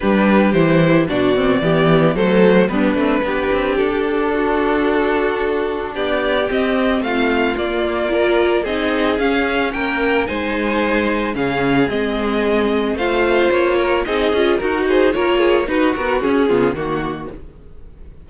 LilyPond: <<
  \new Staff \with { instrumentName = "violin" } { \time 4/4 \tempo 4 = 111 b'4 c''4 d''2 | c''4 b'2 a'4~ | a'2. d''4 | dis''4 f''4 d''2 |
dis''4 f''4 g''4 gis''4~ | gis''4 f''4 dis''2 | f''4 cis''4 dis''4 ais'8 c''8 | cis''4 b'8 ais'8 gis'4 fis'4 | }
  \new Staff \with { instrumentName = "violin" } { \time 4/4 g'2 fis'4 g'4 | a'8. fis'16 d'4 g'2 | fis'2. g'4~ | g'4 f'2 ais'4 |
gis'2 ais'4 c''4~ | c''4 gis'2. | c''4. ais'8 gis'4 fis'8 gis'8 | ais'8 gis'8 fis'4. f'8 fis'4 | }
  \new Staff \with { instrumentName = "viola" } { \time 4/4 d'4 e'4 d'8 c'8 b4 | a4 b8 c'8 d'2~ | d'1 | c'2 ais4 f'4 |
dis'4 cis'2 dis'4~ | dis'4 cis'4 c'2 | f'2 dis'8 f'8 fis'4 | f'4 dis'8 fis'8 cis'8 b8 ais4 | }
  \new Staff \with { instrumentName = "cello" } { \time 4/4 g4 e4 b,4 e4 | fis4 g8 a8 b8 c'8 d'4~ | d'2. b4 | c'4 a4 ais2 |
c'4 cis'4 ais4 gis4~ | gis4 cis4 gis2 | a4 ais4 c'8 cis'8 dis'4 | ais4 dis'8 b8 cis'8 cis8 dis4 | }
>>